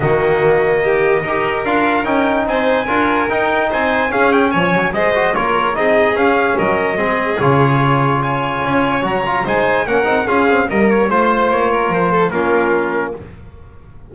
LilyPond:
<<
  \new Staff \with { instrumentName = "trumpet" } { \time 4/4 \tempo 4 = 146 dis''1 | f''4 g''4 gis''2 | g''4 gis''4 f''8 g''8 gis''4 | dis''4 cis''4 dis''4 f''4 |
dis''2 cis''2 | gis''2 ais''4 gis''4 | fis''4 f''4 dis''8 cis''8 c''4 | cis''4 c''4 ais'2 | }
  \new Staff \with { instrumentName = "violin" } { \time 4/4 fis'2 g'4 ais'4~ | ais'2 c''4 ais'4~ | ais'4 c''4 gis'4 cis''4 | c''4 ais'4 gis'2 |
ais'4 gis'2. | cis''2. c''4 | ais'4 gis'4 ais'4 c''4~ | c''8 ais'4 a'8 f'2 | }
  \new Staff \with { instrumentName = "trombone" } { \time 4/4 ais2. g'4 | f'4 dis'2 f'4 | dis'2 cis'2 | gis'8 fis'8 f'4 dis'4 cis'4~ |
cis'4 c'4 f'2~ | f'2 fis'8 f'8 dis'4 | cis'8 dis'8 f'8 c'8 ais4 f'4~ | f'2 cis'2 | }
  \new Staff \with { instrumentName = "double bass" } { \time 4/4 dis2. dis'4 | d'4 cis'4 c'4 d'4 | dis'4 c'4 cis'4 f8 fis8 | gis4 ais4 c'4 cis'4 |
fis4 gis4 cis2~ | cis4 cis'4 fis4 gis4 | ais8 c'8 cis'4 g4 a4 | ais4 f4 ais2 | }
>>